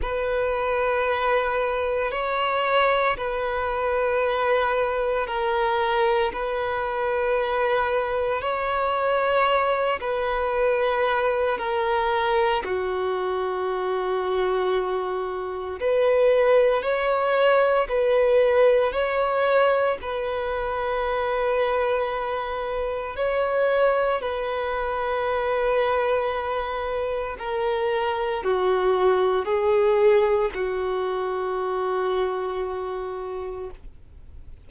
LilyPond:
\new Staff \with { instrumentName = "violin" } { \time 4/4 \tempo 4 = 57 b'2 cis''4 b'4~ | b'4 ais'4 b'2 | cis''4. b'4. ais'4 | fis'2. b'4 |
cis''4 b'4 cis''4 b'4~ | b'2 cis''4 b'4~ | b'2 ais'4 fis'4 | gis'4 fis'2. | }